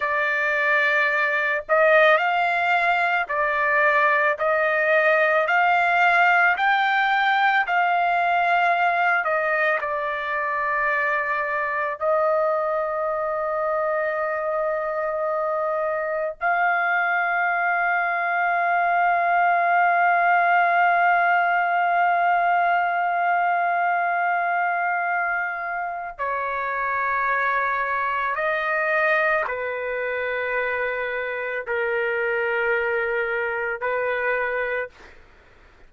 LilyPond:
\new Staff \with { instrumentName = "trumpet" } { \time 4/4 \tempo 4 = 55 d''4. dis''8 f''4 d''4 | dis''4 f''4 g''4 f''4~ | f''8 dis''8 d''2 dis''4~ | dis''2. f''4~ |
f''1~ | f''1 | cis''2 dis''4 b'4~ | b'4 ais'2 b'4 | }